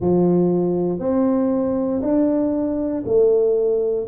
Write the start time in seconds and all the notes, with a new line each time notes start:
0.00 F3
0.99 C4
2.02 D4
3.05 A3